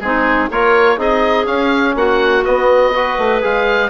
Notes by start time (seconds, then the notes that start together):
0.00 G#3 C4 D#4 G#4
0.49 A#3 F4 A#4 C#5
0.97 C4 D#4 G#4 D#5
1.45 C#4 F5
1.95 A#3 F#4 F#5
2.44 B3 D#5
2.94 F#4 B4
3.18 A3
3.41 G#3 G#4 F5